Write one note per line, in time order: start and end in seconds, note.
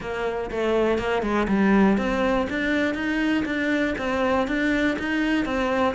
0.00 0.50 A#3
0.50 0.98 A3
0.98 1.22 A#3
1.22 1.47 G#3
1.48 1.97 G3
1.97 2.47 C4
2.49 2.94 D4
2.94 3.44 D#4
3.45 3.94 D4
3.98 4.47 C4
4.47 4.97 D4
4.98 5.45 D#4
5.45 5.95 C4